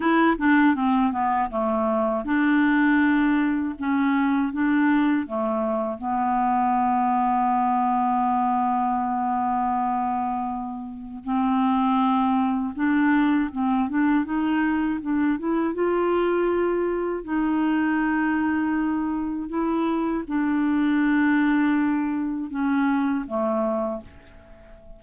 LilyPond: \new Staff \with { instrumentName = "clarinet" } { \time 4/4 \tempo 4 = 80 e'8 d'8 c'8 b8 a4 d'4~ | d'4 cis'4 d'4 a4 | b1~ | b2. c'4~ |
c'4 d'4 c'8 d'8 dis'4 | d'8 e'8 f'2 dis'4~ | dis'2 e'4 d'4~ | d'2 cis'4 a4 | }